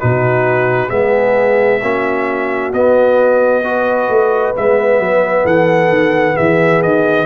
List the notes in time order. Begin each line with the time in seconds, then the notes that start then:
0.00 B2 D#4 F#4 B4
0.88 G#3 B3 G#4 E5
1.83 A#3 C#4 F#4
2.74 B3 D#5
3.64 F#4 B4
4.09 A3
4.56 G#3 B3 E5
4.99 F#3
5.44 E3 A4 F#5
5.89 D#3
6.35 E3 G#4 E5
6.83 D#3 D#5